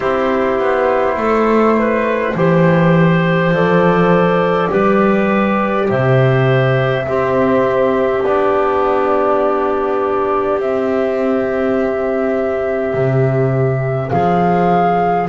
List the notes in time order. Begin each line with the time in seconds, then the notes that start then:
0.00 C4 E4 G4 C5
0.59 B3
1.16 A3 A4
1.77 B4
2.35 E3 G4 C5
3.50 F3 A4 D5
4.70 G3 G4 B4
5.88 C3 C5 E5
7.06 C4 G4
8.23 B3 D4 D5
10.59 C4 E5
12.93 C3
14.09 F3 G#4 F5